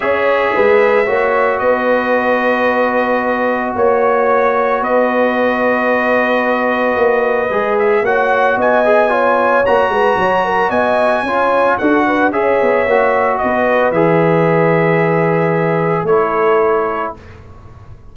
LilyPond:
<<
  \new Staff \with { instrumentName = "trumpet" } { \time 4/4 \tempo 4 = 112 e''2. dis''4~ | dis''2. cis''4~ | cis''4 dis''2.~ | dis''2~ dis''8 e''8 fis''4 |
gis''2 ais''2 | gis''2 fis''4 e''4~ | e''4 dis''4 e''2~ | e''2 cis''2 | }
  \new Staff \with { instrumentName = "horn" } { \time 4/4 cis''4 b'4 cis''4 b'4~ | b'2. cis''4~ | cis''4 b'2.~ | b'2. cis''4 |
dis''4 cis''4. b'8 cis''8 ais'8 | dis''4 cis''4 a'8 b'8 cis''4~ | cis''4 b'2.~ | b'2 a'2 | }
  \new Staff \with { instrumentName = "trombone" } { \time 4/4 gis'2 fis'2~ | fis'1~ | fis'1~ | fis'2 gis'4 fis'4~ |
fis'8 gis'8 f'4 fis'2~ | fis'4 f'4 fis'4 gis'4 | fis'2 gis'2~ | gis'2 e'2 | }
  \new Staff \with { instrumentName = "tuba" } { \time 4/4 cis'4 gis4 ais4 b4~ | b2. ais4~ | ais4 b2.~ | b4 ais4 gis4 ais4 |
b2 ais8 gis8 fis4 | b4 cis'4 d'4 cis'8 b8 | ais4 b4 e2~ | e2 a2 | }
>>